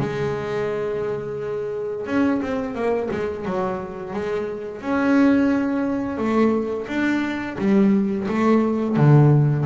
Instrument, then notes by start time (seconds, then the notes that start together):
double bass
0.00 G#3
2.07 C#4
2.43 C4
2.75 A#3
3.11 G#3
3.45 F#3
4.13 G#3
4.82 C#4
6.18 A3
6.88 D4
7.59 G3
8.29 A3
8.97 D3